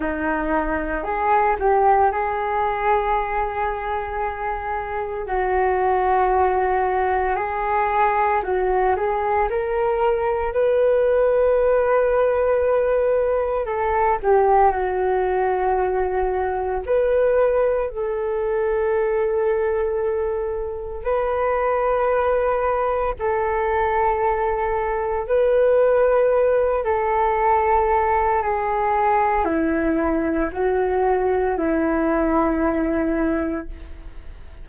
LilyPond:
\new Staff \with { instrumentName = "flute" } { \time 4/4 \tempo 4 = 57 dis'4 gis'8 g'8 gis'2~ | gis'4 fis'2 gis'4 | fis'8 gis'8 ais'4 b'2~ | b'4 a'8 g'8 fis'2 |
b'4 a'2. | b'2 a'2 | b'4. a'4. gis'4 | e'4 fis'4 e'2 | }